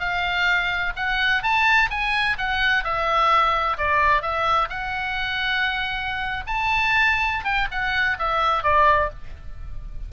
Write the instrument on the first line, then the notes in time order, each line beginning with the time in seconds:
oboe
0.00 F5
0.97 F#5
1.43 A5
1.91 G#5
2.38 F#5
2.84 E5
3.78 D5
4.22 E5
4.70 F#5
6.47 A5
7.45 G5
7.71 F#5
8.19 E5
8.64 D5